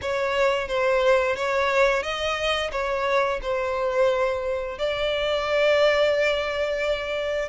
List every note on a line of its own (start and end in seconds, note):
0.01 0.68 C#5
0.68 1.36 C5
1.36 2.02 C#5
2.02 2.71 D#5
2.71 3.39 C#5
3.42 4.78 C5
4.78 7.49 D5